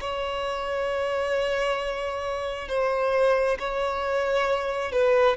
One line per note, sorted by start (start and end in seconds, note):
0.00 2.68 C#5
2.68 3.58 C5
3.59 4.92 C#5
4.92 5.36 B4